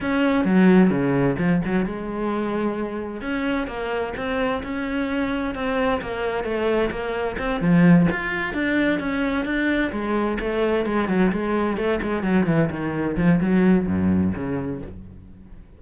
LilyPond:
\new Staff \with { instrumentName = "cello" } { \time 4/4 \tempo 4 = 130 cis'4 fis4 cis4 f8 fis8 | gis2. cis'4 | ais4 c'4 cis'2 | c'4 ais4 a4 ais4 |
c'8 f4 f'4 d'4 cis'8~ | cis'8 d'4 gis4 a4 gis8 | fis8 gis4 a8 gis8 fis8 e8 dis8~ | dis8 f8 fis4 fis,4 cis4 | }